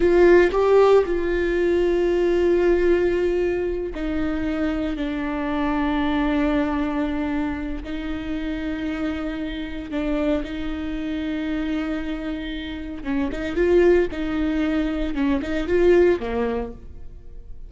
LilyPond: \new Staff \with { instrumentName = "viola" } { \time 4/4 \tempo 4 = 115 f'4 g'4 f'2~ | f'2.~ f'8 dis'8~ | dis'4. d'2~ d'8~ | d'2. dis'4~ |
dis'2. d'4 | dis'1~ | dis'4 cis'8 dis'8 f'4 dis'4~ | dis'4 cis'8 dis'8 f'4 ais4 | }